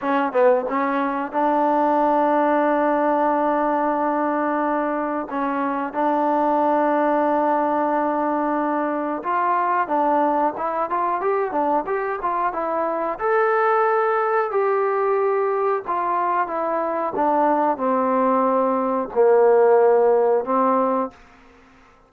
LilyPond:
\new Staff \with { instrumentName = "trombone" } { \time 4/4 \tempo 4 = 91 cis'8 b8 cis'4 d'2~ | d'1 | cis'4 d'2.~ | d'2 f'4 d'4 |
e'8 f'8 g'8 d'8 g'8 f'8 e'4 | a'2 g'2 | f'4 e'4 d'4 c'4~ | c'4 ais2 c'4 | }